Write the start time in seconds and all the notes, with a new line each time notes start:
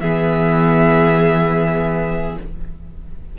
0.00 E3 B3 G#4 E5